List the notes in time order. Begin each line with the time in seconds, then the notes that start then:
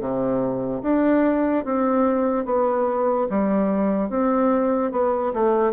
0.00 C3
0.83 D4
1.65 C4
2.45 B3
3.30 G3
4.09 C4
4.92 B3
5.33 A3